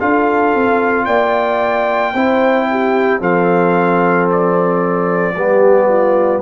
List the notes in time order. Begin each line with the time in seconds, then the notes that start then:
0.00 D4 F4 A4 F5
0.54 C4
1.05 A#3 D5 G5
2.14 C4 E4 C5
2.71 G4
3.20 F3 C4 A4 F5
4.31 D5
5.36 G3 B3 G4
5.88 F4